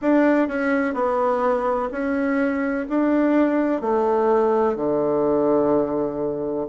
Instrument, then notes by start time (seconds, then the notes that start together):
bassoon
0.01 D4
0.48 C#4
0.94 B3
1.91 C#4
2.89 D4
3.81 A3
4.76 D3